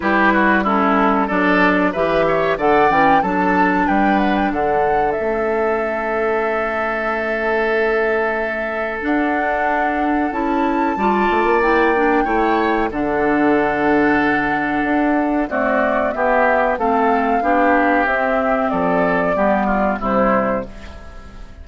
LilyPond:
<<
  \new Staff \with { instrumentName = "flute" } { \time 4/4 \tempo 4 = 93 b'4 a'4 d''4 e''4 | fis''8 g''8 a''4 g''8 fis''16 g''16 fis''4 | e''1~ | e''2 fis''2 |
a''2 g''2 | fis''1 | d''4 e''4 f''2 | e''4 d''2 c''4 | }
  \new Staff \with { instrumentName = "oboe" } { \time 4/4 g'8 fis'8 e'4 a'4 b'8 cis''8 | d''4 a'4 b'4 a'4~ | a'1~ | a'1~ |
a'4 d''2 cis''4 | a'1 | fis'4 g'4 a'4 g'4~ | g'4 a'4 g'8 f'8 e'4 | }
  \new Staff \with { instrumentName = "clarinet" } { \time 4/4 e'4 cis'4 d'4 g'4 | a'8 cis'8 d'2. | cis'1~ | cis'2 d'2 |
e'4 f'4 e'8 d'8 e'4 | d'1 | a4 b4 c'4 d'4 | c'2 b4 g4 | }
  \new Staff \with { instrumentName = "bassoon" } { \time 4/4 g2 fis4 e4 | d8 e8 fis4 g4 d4 | a1~ | a2 d'2 |
cis'4 g8 a16 ais4~ ais16 a4 | d2. d'4 | c'4 b4 a4 b4 | c'4 f4 g4 c4 | }
>>